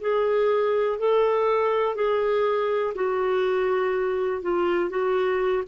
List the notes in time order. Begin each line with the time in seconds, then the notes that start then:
0.00 G#4
0.98 A4
1.95 G#4
2.95 F#4
4.42 F4
4.89 F#4